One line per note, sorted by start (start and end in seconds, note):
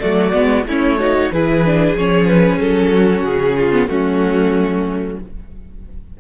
0.00 0.33 F#3
0.00 0.33 A3
0.00 0.67 F#4
0.00 0.65 D5
0.33 0.65 G#3
0.33 0.65 B3
0.65 1.30 A3
0.65 1.00 C#4
0.65 0.99 E4
0.65 1.32 C#5
0.99 1.32 D#4
0.99 1.32 F#4
1.32 1.95 E3
1.32 1.65 E4
1.32 2.94 G#4
1.32 1.97 B4
1.65 1.97 D4
1.95 2.59 F3
1.95 3.72 C#4
1.95 2.27 C#5
2.27 2.59 B4
2.59 3.24 F#3
2.59 3.25 A4
2.94 3.57 F#4
3.24 3.88 C#3
3.24 3.88 G#4
3.57 3.89 F4
3.72 3.88 B3
3.88 5.19 F#3
3.88 5.17 A3
3.88 5.20 C#4
3.88 5.17 F#4